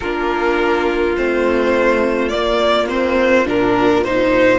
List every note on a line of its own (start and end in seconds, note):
0.00 1.16 A#3
0.00 1.16 D4
0.00 4.59 F4
0.00 1.15 A#4
1.16 2.32 A3
1.16 2.31 C4
1.16 2.28 C5
2.28 2.87 A#3
2.28 3.47 A#3
2.28 2.86 D5
2.87 3.45 C4
2.87 3.47 C5
3.45 4.59 A#2
3.45 4.03 D4
3.45 4.04 A#4
4.04 4.59 D#4
4.04 4.59 C5